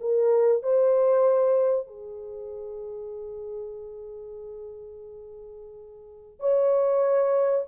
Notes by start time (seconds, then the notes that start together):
0.00 A#4
0.62 C5
1.87 G#4
6.39 C#5